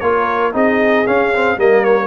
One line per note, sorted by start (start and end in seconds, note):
0.00 0.54 A#3
0.00 0.53 F4
0.00 0.53 A#4
0.00 0.52 C#5
0.53 1.06 C4
0.53 1.05 D#4
0.53 1.57 G#4
0.53 1.07 D#5
1.07 1.57 C#4
1.07 1.33 C#4
1.07 1.59 F5
1.34 1.57 C4
1.57 2.07 G3
1.57 2.07 A#3
1.57 2.07 A#4
1.57 1.84 D#5
1.84 2.07 C#5